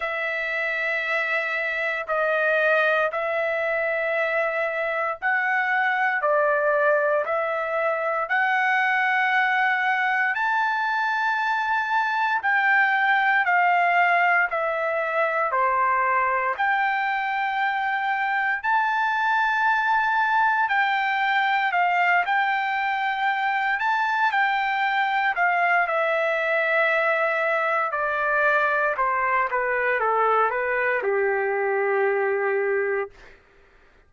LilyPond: \new Staff \with { instrumentName = "trumpet" } { \time 4/4 \tempo 4 = 58 e''2 dis''4 e''4~ | e''4 fis''4 d''4 e''4 | fis''2 a''2 | g''4 f''4 e''4 c''4 |
g''2 a''2 | g''4 f''8 g''4. a''8 g''8~ | g''8 f''8 e''2 d''4 | c''8 b'8 a'8 b'8 g'2 | }